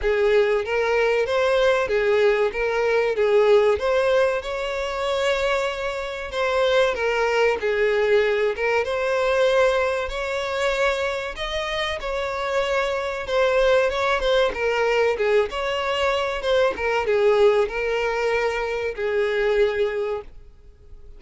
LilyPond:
\new Staff \with { instrumentName = "violin" } { \time 4/4 \tempo 4 = 95 gis'4 ais'4 c''4 gis'4 | ais'4 gis'4 c''4 cis''4~ | cis''2 c''4 ais'4 | gis'4. ais'8 c''2 |
cis''2 dis''4 cis''4~ | cis''4 c''4 cis''8 c''8 ais'4 | gis'8 cis''4. c''8 ais'8 gis'4 | ais'2 gis'2 | }